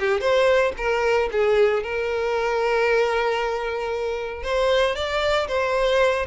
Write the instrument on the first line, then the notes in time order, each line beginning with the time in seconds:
violin
0.00 G4
0.21 C5
0.78 A#4
1.32 G#4
1.83 A#4
4.43 C5
4.95 D5
5.48 C5